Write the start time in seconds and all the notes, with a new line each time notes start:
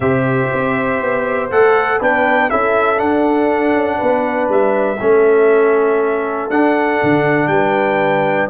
0.00 C3 G4 C5 E5
0.53 C4
1.01 B3
1.50 A3 A4 F#5
1.98 B3 D4 B4 G5
2.50 C#4 E4 A4 E5
2.96 D4 F#5
3.73 C#4
3.97 B3 B4
4.49 G3 E5
4.99 A3 C#4 A4
6.50 D4 F#5
7.03 D3
7.47 G3 B4 G5